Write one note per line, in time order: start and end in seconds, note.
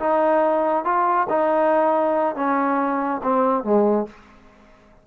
0.00 0.85 D#4
0.85 1.28 F4
1.30 2.36 D#4
2.36 3.21 C#4
3.24 3.64 C4
3.64 4.07 G#3